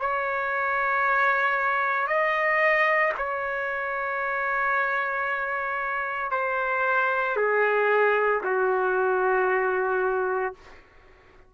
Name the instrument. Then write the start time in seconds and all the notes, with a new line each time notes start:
trumpet
0.00 C#5
2.07 D#5
3.17 C#5
6.31 C5
7.36 G#4
8.44 F#4